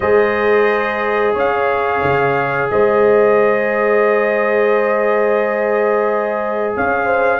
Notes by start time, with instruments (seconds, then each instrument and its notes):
0.00 tuba G#3, trombone G#4, horn C5, trumpet D#5
1.34 tuba C#4, horn C#5, trumpet F5
2.03 tuba C#3
2.70 tuba G#3, horn C5, trumpet D#5
6.75 tuba C#4, horn C#5, trumpet F5
7.05 horn C5